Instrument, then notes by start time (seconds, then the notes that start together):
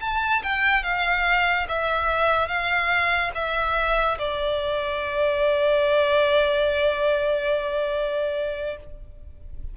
violin
0.00 A5
0.42 G5
0.83 F5
1.68 E5
2.47 F5
3.34 E5
4.18 D5